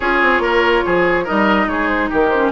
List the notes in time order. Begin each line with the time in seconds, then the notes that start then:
0.00 C#4 F4 G#4 C#5
0.22 C4
0.39 A#3 A#4
0.85 F3 G#4
1.24 G3 D#4 A#4 D#5
1.66 G#3 G#4 C#5
1.87 C5
2.09 D#3 G4 A#4
2.29 C#4 C5